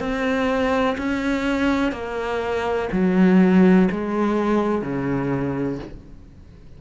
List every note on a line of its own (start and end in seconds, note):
0.00 0.97 C4
0.98 1.92 C#4
1.92 2.89 A#3
2.93 3.89 F#3
3.91 4.83 G#3
4.83 5.79 C#3